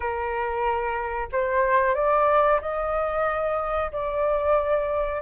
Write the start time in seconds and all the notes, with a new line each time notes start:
0.00 A#4
1.32 C5
1.94 D5
2.61 D#5
3.92 D5